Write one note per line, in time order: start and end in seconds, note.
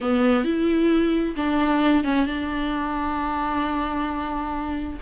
0.00 0.44 B3
0.44 1.35 E4
1.36 2.04 D4
2.04 2.26 C#4
2.26 4.99 D4